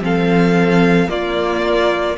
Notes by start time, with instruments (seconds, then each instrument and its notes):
0.00 cello F3, viola C4, violin A4 F5
1.08 viola A#3, cello A#3, violin F4 D5